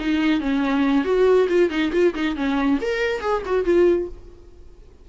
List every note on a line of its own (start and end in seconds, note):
0.00 0.41 D#4
0.41 1.05 C#4
1.05 1.48 F#4
1.49 1.71 F4
1.71 1.92 D#4
1.93 2.14 F4
2.15 2.36 D#4
2.36 2.80 C#4
2.82 3.21 A#4
3.21 3.43 G#4
3.46 3.65 F#4
3.65 4.08 F4